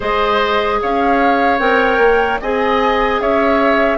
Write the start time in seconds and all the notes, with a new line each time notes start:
0.00 G#3 G#4 C5 D#5
0.82 C#4 C#5 F5
1.58 C4 A#4 G5
1.98 A#3
2.41 C4 G#4 D#5 G#5
3.20 C#4 C#5 E5